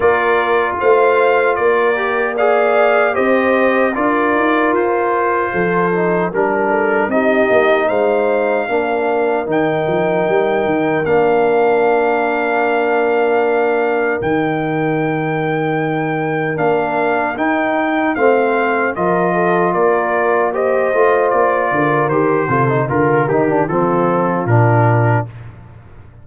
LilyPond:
<<
  \new Staff \with { instrumentName = "trumpet" } { \time 4/4 \tempo 4 = 76 d''4 f''4 d''4 f''4 | dis''4 d''4 c''2 | ais'4 dis''4 f''2 | g''2 f''2~ |
f''2 g''2~ | g''4 f''4 g''4 f''4 | dis''4 d''4 dis''4 d''4 | c''4 ais'8 g'8 a'4 ais'4 | }
  \new Staff \with { instrumentName = "horn" } { \time 4/4 ais'4 c''4 ais'4 d''4 | c''4 ais'2 a'4 | ais'8 a'8 g'4 c''4 ais'4~ | ais'1~ |
ais'1~ | ais'2. c''4 | ais'8 a'8 ais'4 c''4. ais'8~ | ais'8 a'8 ais'4 f'2 | }
  \new Staff \with { instrumentName = "trombone" } { \time 4/4 f'2~ f'8 g'8 gis'4 | g'4 f'2~ f'8 dis'8 | d'4 dis'2 d'4 | dis'2 d'2~ |
d'2 dis'2~ | dis'4 d'4 dis'4 c'4 | f'2 g'8 f'4. | g'8 f'16 dis'16 f'8 dis'16 d'16 c'4 d'4 | }
  \new Staff \with { instrumentName = "tuba" } { \time 4/4 ais4 a4 ais2 | c'4 d'8 dis'8 f'4 f4 | g4 c'8 ais8 gis4 ais4 | dis8 f8 g8 dis8 ais2~ |
ais2 dis2~ | dis4 ais4 dis'4 a4 | f4 ais4. a8 ais8 d8 | dis8 c8 d8 dis8 f4 ais,4 | }
>>